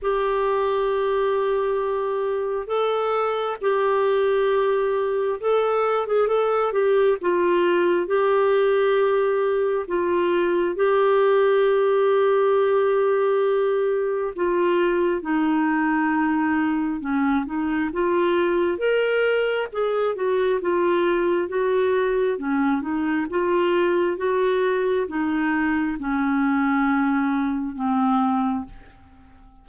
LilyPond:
\new Staff \with { instrumentName = "clarinet" } { \time 4/4 \tempo 4 = 67 g'2. a'4 | g'2 a'8. gis'16 a'8 g'8 | f'4 g'2 f'4 | g'1 |
f'4 dis'2 cis'8 dis'8 | f'4 ais'4 gis'8 fis'8 f'4 | fis'4 cis'8 dis'8 f'4 fis'4 | dis'4 cis'2 c'4 | }